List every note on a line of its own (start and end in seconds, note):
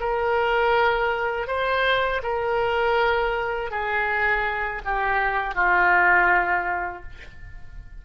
0.00 1.48 A#4
1.48 2.22 C5
2.23 3.71 A#4
3.71 4.82 G#4
4.85 5.55 G4
5.55 7.03 F4